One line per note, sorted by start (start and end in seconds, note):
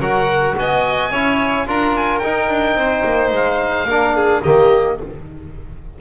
0.00 0.55 F#3
0.00 1.12 F#4
0.00 0.56 A#4
0.00 0.56 F#5
0.59 1.11 B3
0.59 1.12 D#5
0.59 1.69 G#5
1.11 1.67 C#4
1.11 1.67 E4
1.11 1.67 C#5
1.67 2.23 D4
1.67 2.22 F4
1.67 2.78 A#4
1.67 1.97 A#5
1.97 2.19 G#5
2.19 2.49 D#4
2.19 3.89 D#4
2.19 3.30 G5
2.49 2.75 D4
2.75 3.03 C4
2.75 3.88 C5
3.04 3.32 A#3
3.32 3.85 G#3
3.32 4.43 F5
3.85 4.40 A#3
3.85 4.44 D4
3.85 4.16 A#4
4.16 4.44 G#4
4.43 5.01 D#3
4.43 4.99 A#3
4.43 4.99 G4
4.43 4.98 D#5